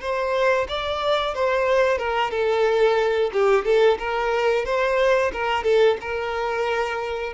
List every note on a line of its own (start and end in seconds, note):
0.00 0.67 C5
0.68 1.34 D5
1.34 1.98 C5
1.98 2.31 A#4
2.31 3.31 A4
3.32 3.64 G4
3.64 3.98 A4
3.98 4.65 A#4
4.65 5.31 C5
5.32 5.63 A#4
5.63 5.97 A4
6.00 7.33 A#4